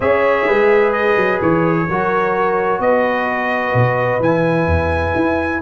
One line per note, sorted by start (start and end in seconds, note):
0.00 0.46 C#4
0.00 1.88 G#4
0.00 0.46 C#5
0.00 0.92 E5
0.46 1.16 G#3
0.46 1.87 B4
0.92 1.39 D#5
1.16 1.39 F#3
1.41 1.88 E3
1.41 2.80 C#5
1.88 2.79 F#3
1.88 4.21 F#4
1.88 2.82 A#4
2.79 3.72 B3
2.79 5.61 B4
2.79 4.21 D#5
3.73 4.19 B2
4.19 4.66 E3
4.19 5.61 E4
4.19 5.61 G#5
4.66 5.13 E2
5.15 5.61 E4